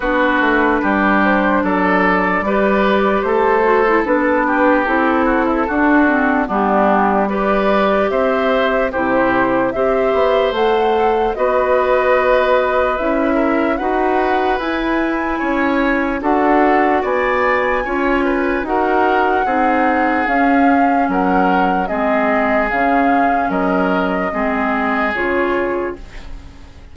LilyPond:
<<
  \new Staff \with { instrumentName = "flute" } { \time 4/4 \tempo 4 = 74 b'4. c''8 d''2 | c''4 b'4 a'2 | g'4 d''4 e''4 c''4 | e''4 fis''4 dis''2 |
e''4 fis''4 gis''2 | fis''4 gis''2 fis''4~ | fis''4 f''4 fis''4 dis''4 | f''4 dis''2 cis''4 | }
  \new Staff \with { instrumentName = "oboe" } { \time 4/4 fis'4 g'4 a'4 b'4 | a'4. g'4 fis'16 e'16 fis'4 | d'4 b'4 c''4 g'4 | c''2 b'2~ |
b'8 ais'8 b'2 cis''4 | a'4 d''4 cis''8 b'8 ais'4 | gis'2 ais'4 gis'4~ | gis'4 ais'4 gis'2 | }
  \new Staff \with { instrumentName = "clarinet" } { \time 4/4 d'2. g'4~ | g'8 fis'16 e'16 d'4 e'4 d'8 c'8 | b4 g'2 e'4 | g'4 a'4 fis'2 |
e'4 fis'4 e'2 | fis'2 f'4 fis'4 | dis'4 cis'2 c'4 | cis'2 c'4 f'4 | }
  \new Staff \with { instrumentName = "bassoon" } { \time 4/4 b8 a8 g4 fis4 g4 | a4 b4 c'4 d'4 | g2 c'4 c4 | c'8 b8 a4 b2 |
cis'4 dis'4 e'4 cis'4 | d'4 b4 cis'4 dis'4 | c'4 cis'4 fis4 gis4 | cis4 fis4 gis4 cis4 | }
>>